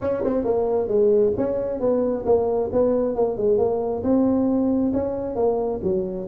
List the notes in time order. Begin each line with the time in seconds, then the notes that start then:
0.01 C#4
0.24 C4
0.44 A#3
0.88 G#3
1.37 C#4
1.80 B3
2.25 A#3
2.72 B3
3.15 A#3
3.37 G#3
3.58 A#3
4.03 C4
4.93 C#4
5.35 A#3
5.83 F#3